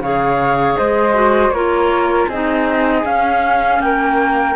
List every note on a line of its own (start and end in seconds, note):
0.00 0.76 C#3
0.00 1.14 G#4
0.00 0.78 C#5
0.00 0.78 F5
0.78 1.50 G#3
0.78 1.54 C5
0.78 1.51 D#5
1.14 1.52 F#4
1.50 2.26 A#3
1.50 2.31 F4
1.50 2.28 A#4
1.50 2.27 C#5
2.28 3.05 C4
2.28 3.05 D#4
2.28 3.80 G#4
2.28 3.06 D#5
3.05 4.56 C#4
3.05 3.79 C#4
3.05 3.81 F5
3.79 4.55 A#3
3.79 4.56 A#4
3.79 4.56 G5